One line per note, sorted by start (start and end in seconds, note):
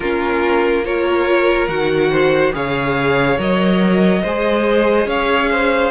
0.00 1.68 A#3
0.00 0.84 C#4
0.00 0.85 F4
0.00 0.85 A#4
0.84 1.68 F4
0.84 2.11 A#4
0.84 1.67 C#5
1.67 2.53 D#3
1.67 2.52 F#4
1.67 2.52 F#5
2.11 2.53 C5
2.52 3.38 C#3
2.52 3.36 G#4
2.52 4.22 C#5
2.52 3.39 F5
3.37 4.22 F#3
3.37 4.22 A#4
3.37 5.08 D#5
4.22 5.05 G#3
4.22 5.90 G#4
4.22 5.07 C5
5.05 5.90 C#4
5.05 5.49 C#5
5.05 5.90 F5
5.51 5.90 C5